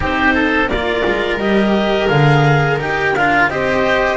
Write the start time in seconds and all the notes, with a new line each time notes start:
0.00 C4 D#4 G4 C5
0.34 A4
0.67 A#3 A#4 D5
0.74 F4
1.04 G#3
1.38 G3 G4 D#5
2.08 D3 G#4 F5
2.79 D#4 G4 G5
3.15 D4 F4 F5
3.47 C4 G4 C5 D#5